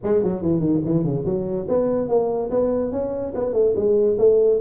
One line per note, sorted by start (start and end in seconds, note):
0.03 0.23 G#3
0.23 0.42 F#3
0.42 0.59 E3
0.59 0.80 D#3
0.84 1.04 E3
1.04 1.25 C#3
1.25 1.66 F#3
1.68 2.08 B3
2.08 2.50 A#3
2.50 2.91 B3
2.91 3.33 C#4
3.34 3.53 B3
3.53 3.74 A3
3.75 4.17 G#3
4.18 4.60 A3